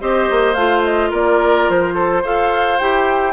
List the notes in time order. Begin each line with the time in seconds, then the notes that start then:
0.00 C4 G4 C5 D#5
0.30 A#3
0.54 A3 F4 F5
0.83 D#5
1.10 A#3 A#4 D5
1.69 F3 C5
1.94 A4
2.22 F4 A4 C5 F5
2.78 E4 G4 G5